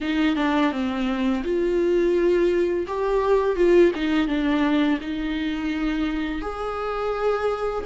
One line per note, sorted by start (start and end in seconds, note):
0.00 0.36 D#4
0.36 0.71 D4
0.71 1.43 C4
1.43 2.86 F4
2.87 3.56 G4
3.56 3.91 F4
3.94 4.27 D#4
4.27 4.99 D4
5.00 6.41 D#4
6.41 7.84 G#4